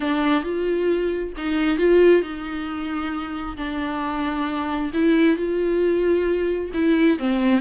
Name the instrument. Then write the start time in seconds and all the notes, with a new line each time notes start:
viola
0.00 D4
0.43 F4
1.37 D#4
1.78 F4
2.22 D#4
3.56 D4
4.93 E4
5.36 F4
6.73 E4
7.19 C4